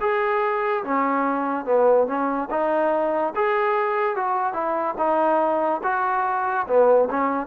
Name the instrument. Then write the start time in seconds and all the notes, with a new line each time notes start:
trombone
0.00 G#4
0.84 C#4
1.65 B3
2.07 C#4
2.50 D#4
3.35 G#4
4.16 F#4
4.53 E4
4.98 D#4
5.83 F#4
6.67 B3
7.10 C#4